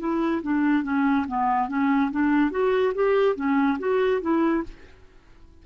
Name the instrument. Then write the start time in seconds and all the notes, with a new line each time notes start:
clarinet
0.00 E4
0.43 D4
0.84 C#4
1.28 B3
1.69 C#4
2.12 D4
2.52 F#4
2.95 G4
3.36 C#4
3.80 F#4
4.22 E4